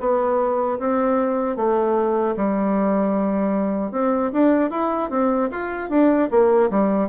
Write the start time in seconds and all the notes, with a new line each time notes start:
0.00 B3
0.79 C4
1.56 A3
2.36 G3
3.92 C4
4.33 D4
4.70 E4
5.10 C4
5.51 F4
5.90 D4
6.31 A#3
6.70 G3